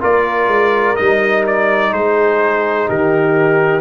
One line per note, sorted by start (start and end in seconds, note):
0.00 0.47 A#3
0.00 0.95 F4
0.00 1.91 A#4
0.00 0.96 D5
0.47 0.94 G#3
0.96 1.92 G3
0.96 3.80 D#4
0.96 1.43 D#5
1.47 1.93 D5
1.92 2.87 G#3
1.92 2.87 G#4
1.92 2.88 C5
2.88 3.80 D#3
2.88 3.80 G4
2.88 3.80 A#4